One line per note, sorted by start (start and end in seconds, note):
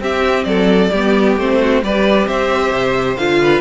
0.00 0.45 C4
0.00 0.90 C4
0.00 0.47 G4
0.00 0.44 E5
0.44 0.91 F#3
0.44 0.92 A4
0.44 1.34 D5
0.92 1.37 G3
0.92 1.40 B3
0.92 1.59 G4
1.37 1.82 A3
1.37 1.83 C4
1.37 1.84 C5
1.60 1.83 F#4
1.82 2.28 G3
1.82 3.18 G4
1.82 2.28 B4
1.82 2.27 D5
2.27 2.72 C4
2.27 3.41 C5
2.27 3.17 E5
2.72 3.17 C3
3.17 3.61 D3
3.17 3.61 F4
3.17 3.61 F5
3.41 3.61 B4